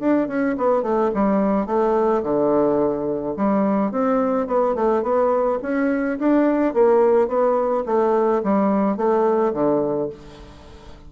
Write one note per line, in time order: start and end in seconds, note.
0.00 0.28 D4
0.28 0.56 C#4
0.58 0.83 B3
0.83 1.11 A3
1.14 1.66 G3
1.66 2.22 A3
2.23 3.35 D3
3.37 3.92 G3
3.92 4.47 C4
4.47 4.75 B3
4.75 5.03 A3
5.03 5.59 B3
5.63 6.19 C#4
6.19 6.74 D4
6.74 7.28 A#3
7.28 7.84 B3
7.86 8.42 A3
8.43 8.97 G3
8.97 9.53 A3
9.54 10.10 D3